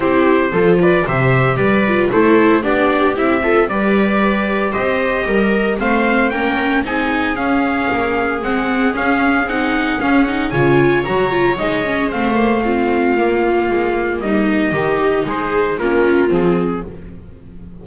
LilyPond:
<<
  \new Staff \with { instrumentName = "trumpet" } { \time 4/4 \tempo 4 = 114 c''4. d''8 e''4 d''4 | c''4 d''4 e''4 d''4~ | d''4 dis''2 f''4 | g''4 gis''4 f''2 |
fis''4 f''4 fis''4 f''8 fis''8 | gis''4 ais''4 dis''4 f''4~ | f''2. dis''4~ | dis''4 c''4 ais'4 gis'4 | }
  \new Staff \with { instrumentName = "viola" } { \time 4/4 g'4 a'8 b'8 c''4 b'4 | a'4 g'4. a'8 b'4~ | b'4 c''4 ais'4 c''4 | ais'4 gis'2.~ |
gis'1 | cis''2. c''4 | f'2. dis'4 | g'4 gis'4 f'2 | }
  \new Staff \with { instrumentName = "viola" } { \time 4/4 e'4 f'4 g'4. f'8 | e'4 d'4 e'8 f'8 g'4~ | g'2. c'4 | cis'4 dis'4 cis'2 |
c'4 cis'4 dis'4 cis'8 dis'8 | f'4 fis'8 f'8 dis'8 cis'8 c'8 ais8 | c'4 ais2. | dis'2 cis'4 c'4 | }
  \new Staff \with { instrumentName = "double bass" } { \time 4/4 c'4 f4 c4 g4 | a4 b4 c'4 g4~ | g4 c'4 g4 a4 | ais4 c'4 cis'4 ais4 |
gis4 cis'4 c'4 cis'4 | cis4 fis4 gis4 a4~ | a4 ais4 gis4 g4 | dis4 gis4 ais4 f4 | }
>>